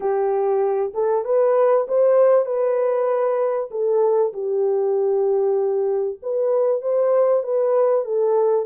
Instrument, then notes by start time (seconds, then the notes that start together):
horn
0.00 G4
0.94 A4
1.25 B4
1.88 C5
2.45 B4
3.70 A4
4.33 G4
6.22 B4
6.81 C5
7.43 B4
8.04 A4